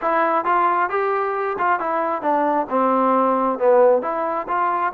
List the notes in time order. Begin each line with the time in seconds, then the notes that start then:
0.01 E4
0.44 F4
0.89 G4
1.58 F4
1.79 E4
2.22 D4
2.69 C4
3.58 B3
4.02 E4
4.48 F4